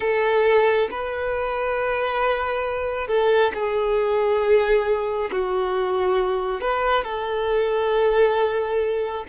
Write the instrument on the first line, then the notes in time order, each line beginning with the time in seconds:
violin
0.00 A4
0.90 B4
3.07 A4
3.54 G#4
5.31 F#4
6.60 B4
7.03 A4